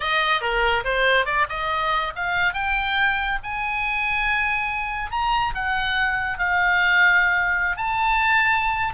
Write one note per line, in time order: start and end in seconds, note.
0.00 0.41 D#5
0.41 0.83 A#4
0.84 1.25 C5
1.25 1.47 D5
1.49 2.13 D#5
2.15 2.53 F5
2.53 3.38 G5
3.43 5.11 G#5
5.11 5.54 A#5
5.54 6.38 F#5
6.38 7.76 F5
7.76 8.93 A5